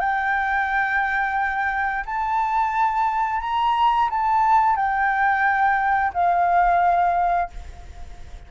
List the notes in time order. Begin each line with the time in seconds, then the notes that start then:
0.00 G5
2.06 A5
3.41 A#5
4.10 A5
4.76 G5
6.14 F5